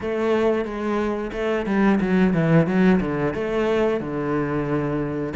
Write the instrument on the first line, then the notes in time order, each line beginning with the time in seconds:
cello
0.00 A3
0.64 G#3
1.32 A3
1.66 G3
2.00 F#3
2.33 E3
2.66 F#3
3.00 D3
3.34 A3
4.00 D3